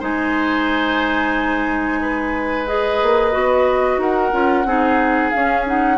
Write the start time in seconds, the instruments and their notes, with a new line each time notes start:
0.00 bassoon G#3, clarinet D#4, oboe C5, flute G#5
2.02 oboe B4
2.67 clarinet G#4, flute D#5
3.03 bassoon A#3
3.32 bassoon B3, clarinet F#4
3.98 bassoon D#4, oboe A#4, flute F#5
4.32 bassoon C#4, clarinet F4
4.65 bassoon C4, clarinet D#4, oboe G#4
5.31 clarinet C#4, bassoon C#4, flute F5
5.67 clarinet D#4, flute F#5